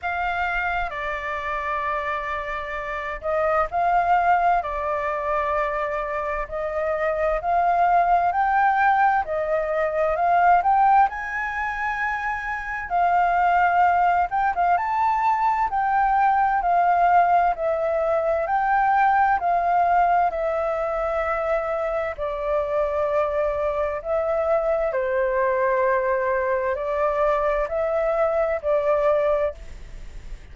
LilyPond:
\new Staff \with { instrumentName = "flute" } { \time 4/4 \tempo 4 = 65 f''4 d''2~ d''8 dis''8 | f''4 d''2 dis''4 | f''4 g''4 dis''4 f''8 g''8 | gis''2 f''4. g''16 f''16 |
a''4 g''4 f''4 e''4 | g''4 f''4 e''2 | d''2 e''4 c''4~ | c''4 d''4 e''4 d''4 | }